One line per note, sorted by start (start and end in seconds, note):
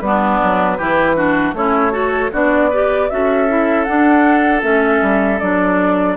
0.00 0.39 G3
0.00 0.80 B3
0.00 1.54 B4
0.07 0.78 D4
0.43 0.79 F#3
0.78 1.53 E3
0.78 1.16 E4
0.78 1.16 G4
1.16 1.54 D4
1.16 1.55 F#4
1.53 2.30 A3
1.53 1.92 C#4
1.53 1.93 E4
1.53 2.32 C#5
1.92 2.30 F#4
1.92 2.31 A4
2.33 3.11 B3
2.33 2.71 D4
2.33 2.70 F#4
2.33 3.10 D5
2.70 3.10 G4
2.70 3.09 B4
3.10 3.88 C#4
3.10 3.48 F#4
3.10 6.17 A4
3.10 3.84 E5
3.48 3.87 E4
3.84 4.62 D4
3.84 4.63 D4
3.84 4.61 F#5
4.62 5.02 A3
4.62 5.39 C#4
4.62 5.39 E5
5.02 5.41 G3
5.39 6.17 F#3
5.39 6.17 D4
5.39 6.16 D5